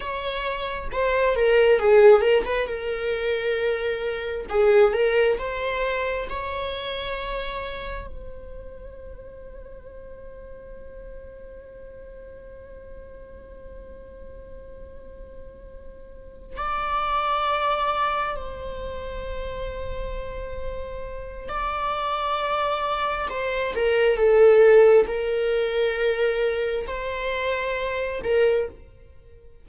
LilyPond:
\new Staff \with { instrumentName = "viola" } { \time 4/4 \tempo 4 = 67 cis''4 c''8 ais'8 gis'8 ais'16 b'16 ais'4~ | ais'4 gis'8 ais'8 c''4 cis''4~ | cis''4 c''2.~ | c''1~ |
c''2~ c''8 d''4.~ | d''8 c''2.~ c''8 | d''2 c''8 ais'8 a'4 | ais'2 c''4. ais'8 | }